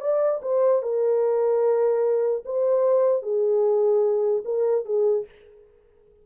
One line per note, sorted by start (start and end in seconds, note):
0.00 0.40 D5
0.42 0.82 C5
0.82 2.43 A#4
2.45 3.22 C5
3.22 4.43 G#4
4.45 4.85 A#4
4.85 5.25 G#4